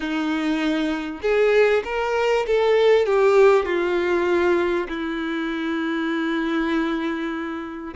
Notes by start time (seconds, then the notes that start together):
0.00 D#4
1.21 G#4
1.84 A#4
2.46 A4
3.06 G4
3.65 F4
4.88 E4